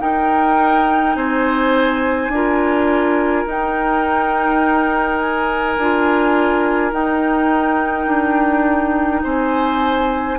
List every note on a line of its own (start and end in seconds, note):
0.00 2.31 D#4
0.00 1.16 D#4
0.00 1.16 A#4
0.00 1.15 G5
1.15 2.29 C4
1.15 2.32 C5
1.15 3.46 G#5
2.29 3.44 D4
2.29 3.47 F4
2.29 9.24 A#4
3.46 5.77 D#4
3.46 5.78 D#4
3.46 5.19 G5
5.19 6.92 G#5
5.77 6.93 D4
5.77 6.92 F4
6.92 10.38 D#4
6.92 8.07 D#4
6.92 9.24 G5
8.07 9.22 D4
9.24 10.39 C4
9.24 10.39 C5
9.24 10.39 G#5